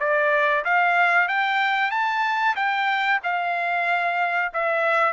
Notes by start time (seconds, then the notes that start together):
0.00 D5
0.65 F5
1.28 G5
1.91 A5
2.56 G5
3.23 F5
4.54 E5